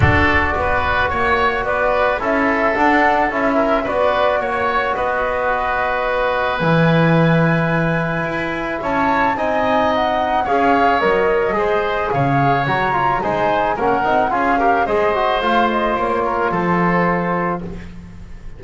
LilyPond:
<<
  \new Staff \with { instrumentName = "flute" } { \time 4/4 \tempo 4 = 109 d''2 cis''4 d''4 | e''4 fis''4 e''4 d''4 | cis''4 dis''2. | gis''1 |
a''4 gis''4 fis''4 f''4 | dis''2 f''4 ais''4 | gis''4 fis''4 f''4 dis''4 | f''8 dis''8 cis''4 c''2 | }
  \new Staff \with { instrumentName = "oboe" } { \time 4/4 a'4 b'4 cis''4 b'4 | a'2~ a'8 ais'8 b'4 | cis''4 b'2.~ | b'1 |
cis''4 dis''2 cis''4~ | cis''4 c''4 cis''2 | c''4 ais'4 gis'8 ais'8 c''4~ | c''4. ais'8 a'2 | }
  \new Staff \with { instrumentName = "trombone" } { \time 4/4 fis'1 | e'4 d'4 e'4 fis'4~ | fis'1 | e'1~ |
e'4 dis'2 gis'4 | ais'4 gis'2 fis'8 f'8 | dis'4 cis'8 dis'8 f'8 g'8 gis'8 fis'8 | f'1 | }
  \new Staff \with { instrumentName = "double bass" } { \time 4/4 d'4 b4 ais4 b4 | cis'4 d'4 cis'4 b4 | ais4 b2. | e2. e'4 |
cis'4 c'2 cis'4 | fis4 gis4 cis4 fis4 | gis4 ais8 c'8 cis'4 gis4 | a4 ais4 f2 | }
>>